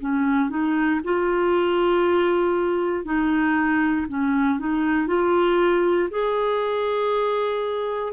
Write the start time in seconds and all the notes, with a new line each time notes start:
0.00 C#4
0.50 D#4
1.04 F4
3.05 D#4
4.08 C#4
4.59 D#4
5.08 F4
6.11 G#4